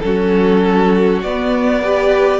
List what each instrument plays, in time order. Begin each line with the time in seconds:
0.00 cello F#3, viola C#4, violin F#4 A4
1.23 cello B3, viola B3, violin D5
1.82 viola G4, violin B4